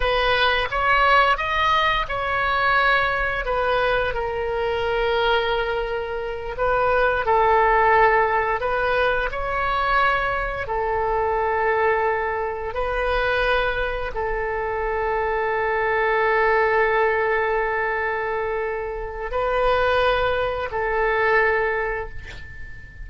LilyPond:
\new Staff \with { instrumentName = "oboe" } { \time 4/4 \tempo 4 = 87 b'4 cis''4 dis''4 cis''4~ | cis''4 b'4 ais'2~ | ais'4. b'4 a'4.~ | a'8 b'4 cis''2 a'8~ |
a'2~ a'8 b'4.~ | b'8 a'2.~ a'8~ | a'1 | b'2 a'2 | }